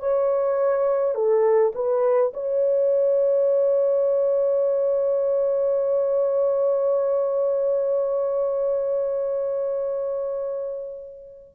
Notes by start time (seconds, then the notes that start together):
0.00 C#5
1.15 A4
1.75 B4
2.34 C#5